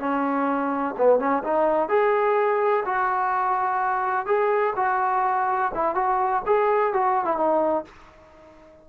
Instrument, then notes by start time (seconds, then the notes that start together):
trombone
0.00 C#4
0.98 B3
1.19 C#4
1.44 D#4
1.89 G#4
2.86 F#4
4.26 G#4
4.77 F#4
5.75 E4
5.95 F#4
6.47 G#4
6.94 F#4
7.25 E4
7.37 D#4